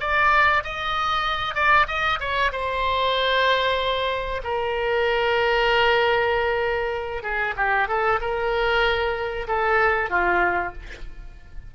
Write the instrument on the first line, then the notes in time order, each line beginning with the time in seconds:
oboe
0.00 D5
0.64 D#5
1.55 D5
1.87 D#5
2.20 C#5
2.52 C5
4.44 A#4
7.23 G#4
7.56 G4
7.88 A4
8.21 A#4
9.48 A4
10.10 F4